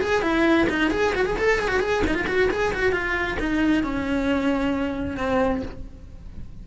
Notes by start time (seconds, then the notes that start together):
0.00 G#4
0.22 E4
0.69 D#4
0.90 G#4
1.14 F#4
1.26 G#4
1.37 A4
1.59 G#4
1.68 F#4
1.80 G#4
2.07 D#4
2.14 F4
2.27 F#4
2.50 G#4
2.73 F#4
2.92 F4
3.39 D#4
3.83 C#4
5.17 C4